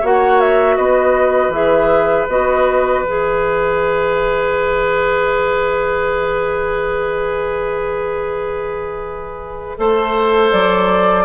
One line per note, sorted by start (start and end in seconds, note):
0.00 0.78 A#3
0.00 1.52 F#4
0.00 0.75 C#5
0.00 0.40 F#5
0.40 0.77 E5
0.76 1.49 B3
0.76 9.76 B4
0.76 1.52 D#5
1.49 2.24 E3
1.49 2.27 G#4
1.49 2.27 E5
2.28 3.03 B3
2.28 3.05 F#4
2.28 3.04 D#5
3.03 9.78 E3
3.03 9.77 G#4
3.03 10.51 E5
9.77 10.52 A3
9.77 11.25 A4
9.77 11.25 C5
10.51 11.25 F#3
10.51 11.25 D5